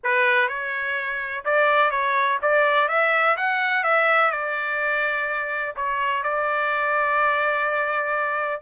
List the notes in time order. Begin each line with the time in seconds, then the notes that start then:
0.03 B4
0.48 C#5
1.44 D5
1.90 C#5
2.42 D5
2.88 E5
3.36 F#5
3.83 E5
4.31 D5
5.76 C#5
6.23 D5